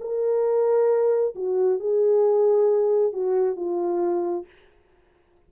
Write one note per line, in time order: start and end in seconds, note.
0.00 1.34 A#4
1.35 1.79 F#4
1.79 3.12 G#4
3.12 3.56 F#4
3.56 4.45 F4